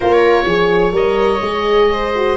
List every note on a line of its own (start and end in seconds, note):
0.00 0.45 A#3
0.00 0.46 F4
0.00 0.45 A#4
0.00 0.92 C#5
0.45 0.91 F3
0.45 0.92 G#4
0.45 1.93 C#5
0.91 1.39 G3
0.91 1.40 A#4
0.91 2.37 D#5
1.41 2.37 G#3
1.41 2.12 G#4
1.93 2.37 C5
2.15 2.37 F#4